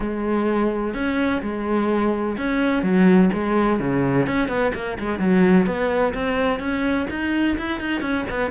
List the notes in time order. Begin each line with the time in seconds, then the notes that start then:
0.00 G#3
0.94 C#4
1.42 G#3
2.37 C#4
2.82 F#3
3.33 G#3
3.79 C#3
4.26 C#4
4.48 B3
4.74 A#3
4.99 G#3
5.19 F#3
5.66 B3
6.14 C4
6.59 C#4
7.10 D#4
7.58 E4
7.80 D#4
8.01 C#4
8.30 B3